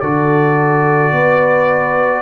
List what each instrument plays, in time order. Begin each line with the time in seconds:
0.00 tuba D3, trombone F#4, horn A4, trumpet D5
1.11 tuba B3, horn B4